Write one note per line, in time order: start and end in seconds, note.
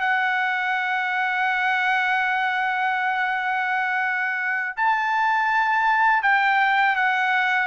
0.00 4.76 F#5
4.76 6.22 A5
6.22 6.95 G5
6.96 7.67 F#5